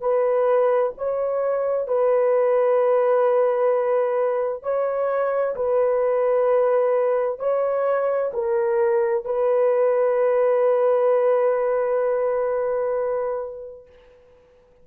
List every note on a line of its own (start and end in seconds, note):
0.00 0.92 B4
0.97 1.87 C#5
1.87 4.62 B4
4.62 5.55 C#5
5.55 7.39 B4
7.39 8.31 C#5
8.33 9.24 A#4
9.24 13.86 B4